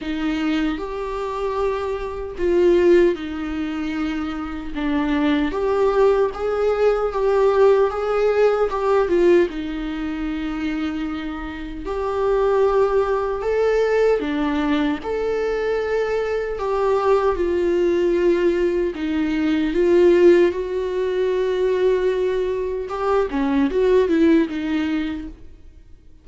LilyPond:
\new Staff \with { instrumentName = "viola" } { \time 4/4 \tempo 4 = 76 dis'4 g'2 f'4 | dis'2 d'4 g'4 | gis'4 g'4 gis'4 g'8 f'8 | dis'2. g'4~ |
g'4 a'4 d'4 a'4~ | a'4 g'4 f'2 | dis'4 f'4 fis'2~ | fis'4 g'8 cis'8 fis'8 e'8 dis'4 | }